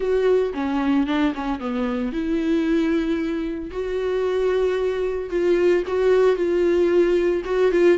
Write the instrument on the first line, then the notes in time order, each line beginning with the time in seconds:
viola
0.00 F#4
0.54 C#4
1.06 D4
1.34 C#4
1.59 B3
2.12 E4
3.70 F#4
5.30 F4
5.87 F#4
6.36 F4
7.45 F#4
7.71 F4